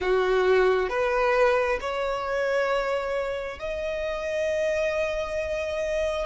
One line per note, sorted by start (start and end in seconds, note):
0.00 0.89 F#4
0.89 1.79 B4
1.81 3.59 C#5
3.59 6.25 D#5